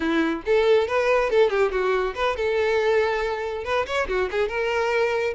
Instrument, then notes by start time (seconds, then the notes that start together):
violin
0.00 E4
0.45 A4
0.87 B4
1.30 A4
1.50 G4
1.71 F#4
2.14 B4
2.36 A4
3.64 B4
3.86 C#5
4.07 F#4
4.31 G#4
4.48 A#4